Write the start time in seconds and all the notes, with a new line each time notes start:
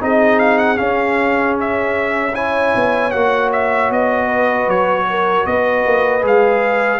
0.00 C4 D#4 G#4 D#5
0.39 F5
0.58 F#5
0.76 C#4 F5
1.60 E5
2.33 E4 C#5 G#5
2.75 B3
3.11 A#3 F#4 F#5
3.52 E5
3.90 B3 D#5
4.25 B4
4.67 F#3 C#5
5.09 A#4
5.46 B3 B4 D#5
5.85 A#3
6.21 G#3 G#4 F5